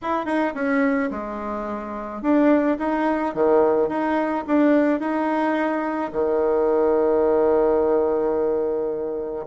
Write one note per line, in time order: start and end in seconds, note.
0.02 0.25 E4
0.25 0.53 D#4
0.54 1.10 C#4
1.10 2.21 G#3
2.21 2.77 D4
2.79 3.34 D#4
3.34 3.88 D#3
3.88 4.44 D#4
4.47 5.00 D4
5.00 6.11 D#4
6.12 9.45 D#3